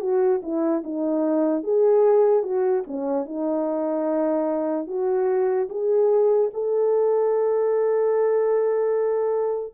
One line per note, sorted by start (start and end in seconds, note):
0.00 0.41 F#4
0.42 0.83 E4
0.84 1.63 D#4
1.63 2.43 G#4
2.43 2.83 F#4
2.87 3.25 C#4
3.25 4.87 D#4
4.87 5.68 F#4
5.69 6.50 G#4
6.53 9.73 A4